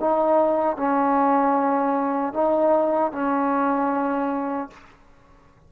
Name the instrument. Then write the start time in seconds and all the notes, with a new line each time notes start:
trombone
0.00 D#4
0.77 C#4
2.34 D#4
3.12 C#4